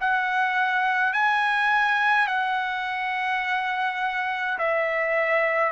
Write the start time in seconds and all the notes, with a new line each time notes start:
0.00 F#5
1.13 G#5
2.28 F#5
4.58 E5